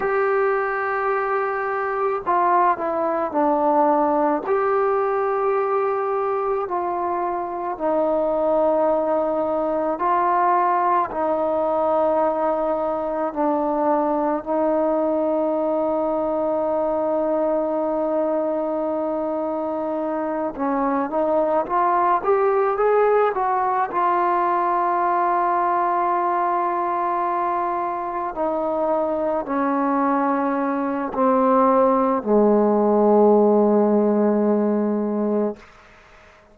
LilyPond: \new Staff \with { instrumentName = "trombone" } { \time 4/4 \tempo 4 = 54 g'2 f'8 e'8 d'4 | g'2 f'4 dis'4~ | dis'4 f'4 dis'2 | d'4 dis'2.~ |
dis'2~ dis'8 cis'8 dis'8 f'8 | g'8 gis'8 fis'8 f'2~ f'8~ | f'4. dis'4 cis'4. | c'4 gis2. | }